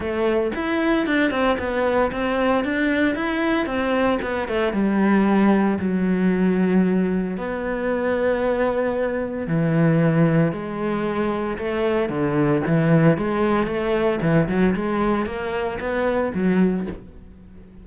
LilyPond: \new Staff \with { instrumentName = "cello" } { \time 4/4 \tempo 4 = 114 a4 e'4 d'8 c'8 b4 | c'4 d'4 e'4 c'4 | b8 a8 g2 fis4~ | fis2 b2~ |
b2 e2 | gis2 a4 d4 | e4 gis4 a4 e8 fis8 | gis4 ais4 b4 fis4 | }